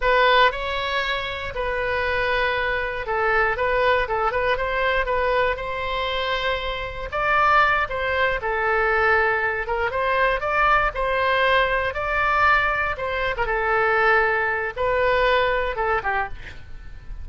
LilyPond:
\new Staff \with { instrumentName = "oboe" } { \time 4/4 \tempo 4 = 118 b'4 cis''2 b'4~ | b'2 a'4 b'4 | a'8 b'8 c''4 b'4 c''4~ | c''2 d''4. c''8~ |
c''8 a'2~ a'8 ais'8 c''8~ | c''8 d''4 c''2 d''8~ | d''4. c''8. ais'16 a'4.~ | a'4 b'2 a'8 g'8 | }